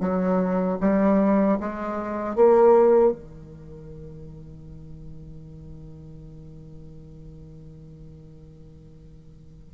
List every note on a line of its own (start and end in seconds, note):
0.00 0.78 F#3
0.80 1.58 G3
1.60 2.35 G#3
2.35 3.12 A#3
3.12 9.73 D#3